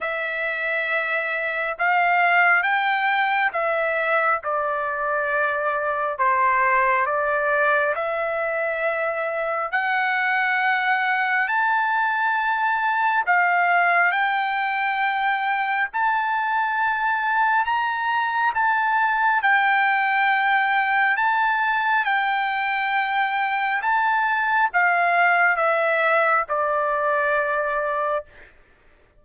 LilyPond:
\new Staff \with { instrumentName = "trumpet" } { \time 4/4 \tempo 4 = 68 e''2 f''4 g''4 | e''4 d''2 c''4 | d''4 e''2 fis''4~ | fis''4 a''2 f''4 |
g''2 a''2 | ais''4 a''4 g''2 | a''4 g''2 a''4 | f''4 e''4 d''2 | }